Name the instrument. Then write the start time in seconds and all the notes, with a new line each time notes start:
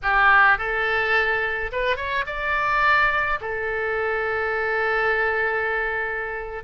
oboe
0.02 G4
0.58 A4
1.71 B4
1.96 C#5
2.26 D5
3.40 A4